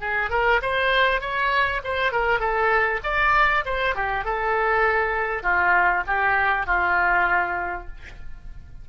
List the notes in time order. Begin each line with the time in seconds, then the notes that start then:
0.00 G#4
0.30 A#4
0.62 C5
1.20 C#5
1.84 C5
2.12 A#4
2.39 A4
3.04 D5
3.65 C5
3.95 G4
4.24 A4
5.43 F4
6.07 G4
6.66 F4